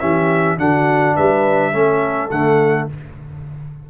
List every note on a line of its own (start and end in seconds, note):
0.00 0.58 E3
0.00 0.58 C#4
0.00 0.58 G4
0.00 0.58 E5
0.58 1.16 D3
0.58 1.73 D4
0.58 1.16 F#4
0.58 1.17 F#5
1.16 1.74 G3
1.16 1.73 B4
1.16 2.31 E5
1.73 2.31 A3
1.73 2.30 C#4
1.73 2.88 A4
2.31 2.89 D3
2.31 2.90 A3
2.31 2.89 F#5